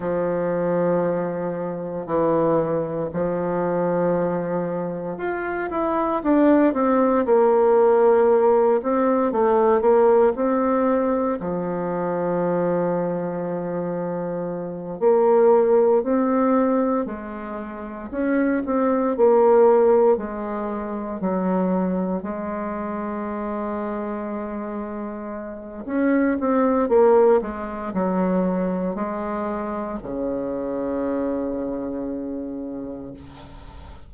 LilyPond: \new Staff \with { instrumentName = "bassoon" } { \time 4/4 \tempo 4 = 58 f2 e4 f4~ | f4 f'8 e'8 d'8 c'8 ais4~ | ais8 c'8 a8 ais8 c'4 f4~ | f2~ f8 ais4 c'8~ |
c'8 gis4 cis'8 c'8 ais4 gis8~ | gis8 fis4 gis2~ gis8~ | gis4 cis'8 c'8 ais8 gis8 fis4 | gis4 cis2. | }